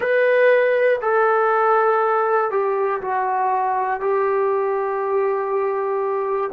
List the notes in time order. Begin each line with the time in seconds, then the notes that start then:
0.00 B4
1.00 A4
2.50 G4
3.01 F#4
4.00 G4